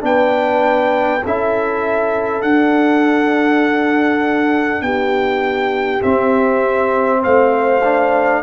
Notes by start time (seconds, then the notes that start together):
0.00 B3 D4 B4 G5
1.23 C#4 E4 A4 E5
2.42 D4 F#5
4.81 B3 G4 G5
6.01 C4 E5
7.19 C5 F5
7.25 A3
7.84 D4